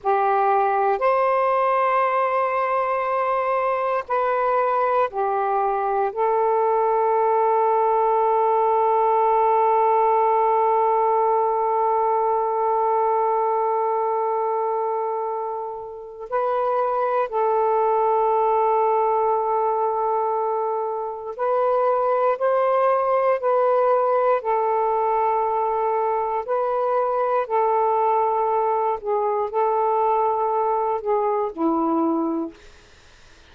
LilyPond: \new Staff \with { instrumentName = "saxophone" } { \time 4/4 \tempo 4 = 59 g'4 c''2. | b'4 g'4 a'2~ | a'1~ | a'1 |
b'4 a'2.~ | a'4 b'4 c''4 b'4 | a'2 b'4 a'4~ | a'8 gis'8 a'4. gis'8 e'4 | }